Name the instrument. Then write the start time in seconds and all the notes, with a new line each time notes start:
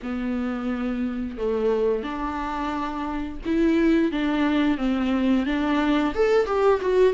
viola
0.02 B3
1.37 A3
2.03 D4
3.45 E4
4.11 D4
4.77 C4
5.45 D4
6.14 A4
6.46 G4
6.81 F#4